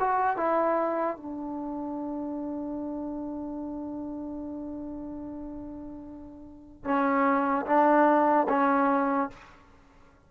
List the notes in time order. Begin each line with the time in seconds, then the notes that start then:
0.00 F#4
0.37 E4
1.17 D4
6.85 C#4
7.67 D4
8.50 C#4